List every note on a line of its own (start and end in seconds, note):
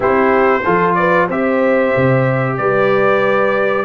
0.00 0.64 C4
0.00 0.61 E4
0.00 0.61 G4
0.00 0.94 C5
0.64 1.29 F3
0.64 1.29 F4
0.64 0.96 A4
0.94 1.27 B4
0.94 1.26 D5
1.27 1.93 C4
1.27 3.85 G4
1.27 2.56 C5
1.27 2.56 E5
1.96 2.59 C3
2.56 3.85 G3
2.56 3.85 B4
2.56 3.85 D5